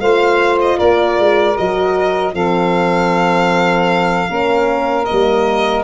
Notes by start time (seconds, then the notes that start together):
0.00 A3 F4 C5 F5
0.62 D#5
0.78 A#3 A#4 D5
1.19 G#3
1.56 F#3 F#4 D#5
2.34 F3 C4 A4 F5
4.28 A#3 C#4 A#4
5.06 A#3 D#5
5.12 G3